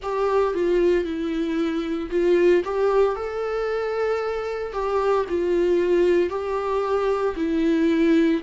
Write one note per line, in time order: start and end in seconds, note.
0.02 0.54 G4
0.54 1.04 F4
1.04 2.09 E4
2.10 2.63 F4
2.64 3.15 G4
3.15 4.72 A4
4.72 5.25 G4
5.28 6.29 F4
6.29 7.34 G4
7.36 8.41 E4